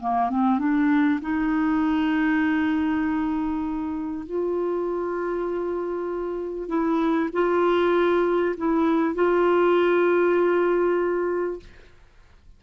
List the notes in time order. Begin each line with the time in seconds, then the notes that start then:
0.00 A#3
0.30 C4
0.59 D4
1.21 D#4
4.26 F4
6.68 E4
7.33 F4
8.57 E4
9.15 F4